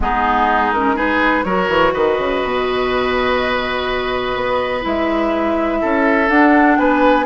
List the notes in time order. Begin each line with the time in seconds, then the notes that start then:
0.00 G#3 B3 D#4 G#4
0.72 C#4 A#4
0.95 D#4 G#4 B4
1.44 F#3 F#4 A#4 C#5
1.68 E3
1.93 D#3 B4 D#5
2.18 C#3
2.42 B2
4.35 B3
4.81 G#3 E4 E5
5.81 C#4 A4
6.29 D4 F#5
6.78 B3 B4 G#5